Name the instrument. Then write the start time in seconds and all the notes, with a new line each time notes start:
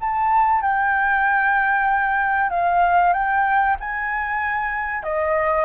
flute
0.00 A5
0.61 G5
2.50 F5
3.13 G5
3.80 G#5
5.03 D#5